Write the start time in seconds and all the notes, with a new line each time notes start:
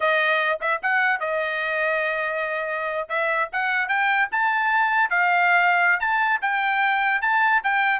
0.00 D#5
0.60 E5
0.82 F#5
1.20 D#5
3.08 E5
3.52 F#5
3.88 G5
4.31 A5
5.09 F5
6.00 A5
6.41 G5
7.21 A5
7.63 G5